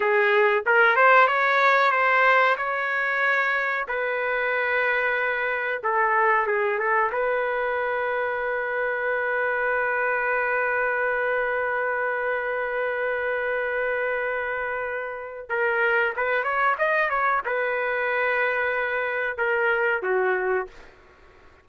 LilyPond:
\new Staff \with { instrumentName = "trumpet" } { \time 4/4 \tempo 4 = 93 gis'4 ais'8 c''8 cis''4 c''4 | cis''2 b'2~ | b'4 a'4 gis'8 a'8 b'4~ | b'1~ |
b'1~ | b'1 | ais'4 b'8 cis''8 dis''8 cis''8 b'4~ | b'2 ais'4 fis'4 | }